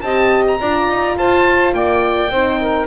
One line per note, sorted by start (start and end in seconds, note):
0.00 0.59 C4
0.00 0.60 G4
0.00 0.60 D#5
0.00 0.43 A5
0.47 1.18 A#5
0.60 0.88 D4
0.60 2.32 F4
0.60 1.17 D5
0.88 1.17 D#4
1.17 1.73 F4
1.17 1.75 C5
1.17 1.74 A5
1.73 2.30 A#3
1.73 2.31 D5
1.73 2.86 G5
2.30 2.86 C4
2.30 2.86 D#4
2.30 2.59 C5
2.60 2.86 A#4